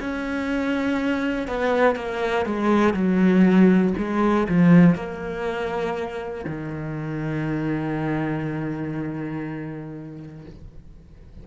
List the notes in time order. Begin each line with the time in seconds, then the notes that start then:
0.00 C#4
1.47 B3
1.95 A#3
2.46 G#3
2.94 F#3
3.97 G#3
4.49 F3
4.95 A#3
6.45 D#3